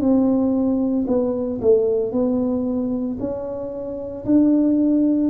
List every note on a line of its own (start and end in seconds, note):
0.00 1.05 C4
1.07 1.60 B3
1.61 2.12 A3
2.12 3.17 B3
3.20 4.25 C#4
4.25 5.30 D4